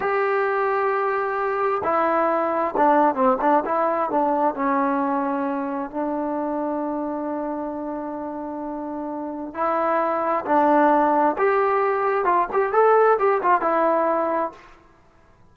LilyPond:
\new Staff \with { instrumentName = "trombone" } { \time 4/4 \tempo 4 = 132 g'1 | e'2 d'4 c'8 d'8 | e'4 d'4 cis'2~ | cis'4 d'2.~ |
d'1~ | d'4 e'2 d'4~ | d'4 g'2 f'8 g'8 | a'4 g'8 f'8 e'2 | }